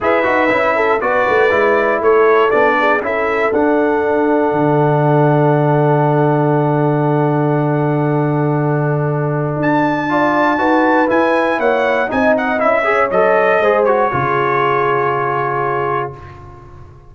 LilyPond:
<<
  \new Staff \with { instrumentName = "trumpet" } { \time 4/4 \tempo 4 = 119 e''2 d''2 | cis''4 d''4 e''4 fis''4~ | fis''1~ | fis''1~ |
fis''2. a''4~ | a''2 gis''4 fis''4 | gis''8 fis''8 e''4 dis''4. cis''8~ | cis''1 | }
  \new Staff \with { instrumentName = "horn" } { \time 4/4 b'4. a'8 b'2 | a'4. gis'8 a'2~ | a'1~ | a'1~ |
a'1 | d''4 b'2 cis''4 | dis''4. cis''4. c''4 | gis'1 | }
  \new Staff \with { instrumentName = "trombone" } { \time 4/4 gis'8 fis'8 e'4 fis'4 e'4~ | e'4 d'4 e'4 d'4~ | d'1~ | d'1~ |
d'1 | f'4 fis'4 e'2 | dis'4 e'8 gis'8 a'4 gis'8 fis'8 | f'1 | }
  \new Staff \with { instrumentName = "tuba" } { \time 4/4 e'8 dis'8 cis'4 b8 a8 gis4 | a4 b4 cis'4 d'4~ | d'4 d2.~ | d1~ |
d2. d'4~ | d'4 dis'4 e'4 ais4 | c'4 cis'4 fis4 gis4 | cis1 | }
>>